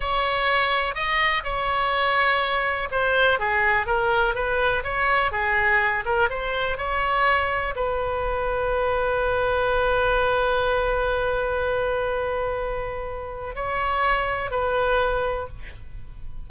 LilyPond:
\new Staff \with { instrumentName = "oboe" } { \time 4/4 \tempo 4 = 124 cis''2 dis''4 cis''4~ | cis''2 c''4 gis'4 | ais'4 b'4 cis''4 gis'4~ | gis'8 ais'8 c''4 cis''2 |
b'1~ | b'1~ | b'1 | cis''2 b'2 | }